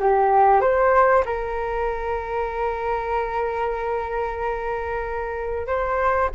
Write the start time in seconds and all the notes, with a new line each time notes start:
0.00 G4
0.61 C5
1.25 A#4
5.67 C5